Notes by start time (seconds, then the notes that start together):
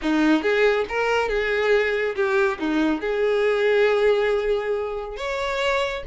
0.02 D#4
0.42 G#4
0.88 A#4
1.29 G#4
2.15 G4
2.59 D#4
3.00 G#4
5.17 C#5